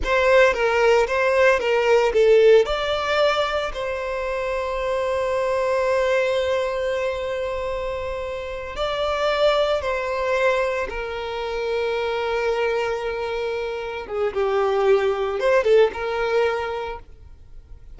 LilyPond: \new Staff \with { instrumentName = "violin" } { \time 4/4 \tempo 4 = 113 c''4 ais'4 c''4 ais'4 | a'4 d''2 c''4~ | c''1~ | c''1~ |
c''8 d''2 c''4.~ | c''8 ais'2.~ ais'8~ | ais'2~ ais'8 gis'8 g'4~ | g'4 c''8 a'8 ais'2 | }